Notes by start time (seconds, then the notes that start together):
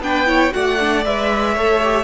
0.00 B3 D4 B4 G5
0.27 E4 C#5
0.51 A3 F#4 D5 F#5
0.80 D4
1.05 G#3 B4 E5
1.54 A3 A4 C#5
1.84 G4